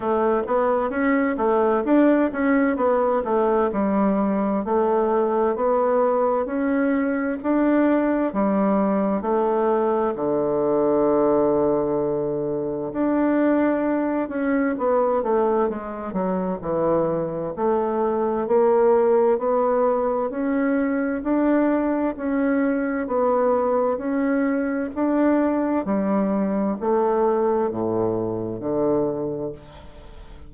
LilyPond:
\new Staff \with { instrumentName = "bassoon" } { \time 4/4 \tempo 4 = 65 a8 b8 cis'8 a8 d'8 cis'8 b8 a8 | g4 a4 b4 cis'4 | d'4 g4 a4 d4~ | d2 d'4. cis'8 |
b8 a8 gis8 fis8 e4 a4 | ais4 b4 cis'4 d'4 | cis'4 b4 cis'4 d'4 | g4 a4 a,4 d4 | }